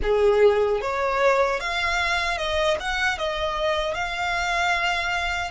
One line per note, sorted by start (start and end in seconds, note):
0.02 0.81 G#4
0.81 1.60 C#5
1.60 2.37 F5
2.37 2.77 D#5
2.80 3.18 F#5
3.18 3.94 D#5
3.94 5.50 F5